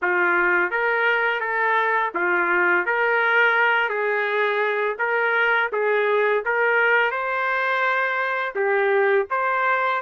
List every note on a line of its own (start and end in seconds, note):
0.02 0.70 F4
0.70 1.40 A#4
1.40 2.11 A4
2.14 2.85 F4
2.85 3.89 A#4
3.89 4.96 G#4
4.98 5.70 A#4
5.72 6.44 G#4
6.44 7.11 A#4
7.11 8.54 C5
8.55 9.26 G4
9.30 10.01 C5